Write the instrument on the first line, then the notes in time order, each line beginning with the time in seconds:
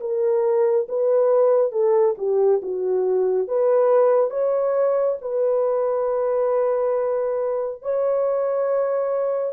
horn
0.00 A#4
0.89 B4
1.72 A4
2.18 G4
2.62 F#4
3.48 B4
4.30 C#5
5.21 B4
7.82 C#5